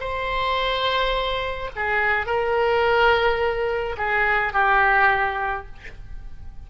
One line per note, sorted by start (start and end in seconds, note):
0.00 1.70 C5
1.76 2.26 G#4
2.26 3.96 A#4
3.98 4.53 G#4
4.53 5.67 G4